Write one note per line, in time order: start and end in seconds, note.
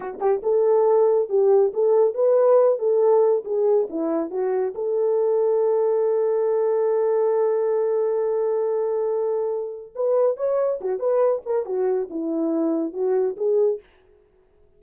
0.00 0.18 F#4
0.20 0.41 G4
0.43 1.29 A4
1.29 1.72 G4
1.73 2.14 A4
2.14 2.78 B4
2.78 3.43 A4
3.44 3.88 G#4
3.89 4.30 E4
4.30 4.73 F#4
4.74 9.92 A4
9.95 10.36 B4
10.36 10.79 C#5
10.80 10.99 F#4
10.99 11.42 B4
11.45 11.65 A#4
11.65 12.08 F#4
12.10 12.93 E4
12.93 13.36 F#4
13.37 13.80 G#4